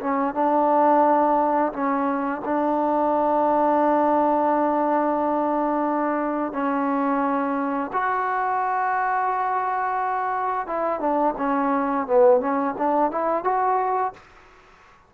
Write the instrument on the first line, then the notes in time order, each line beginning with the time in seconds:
trombone
0.00 C#4
0.34 D4
1.72 C#4
2.44 D4
6.52 C#4
7.92 F#4
10.66 E4
10.99 D4
11.37 C#4
12.06 B3
12.40 C#4
12.77 D4
13.11 E4
13.44 F#4